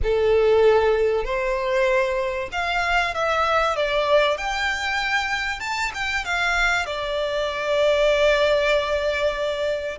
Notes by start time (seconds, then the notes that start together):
0.03 A4
1.24 C5
2.52 F5
3.14 E5
3.76 D5
4.37 G5
5.60 A5
5.94 G5
6.24 F5
6.86 D5